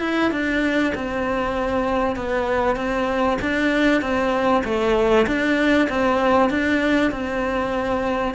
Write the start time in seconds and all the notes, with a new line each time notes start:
0.00 E4
0.31 D4
0.95 C4
2.16 B3
2.76 C4
3.41 D4
4.01 C4
4.64 A3
5.26 D4
5.89 C4
6.50 D4
7.11 C4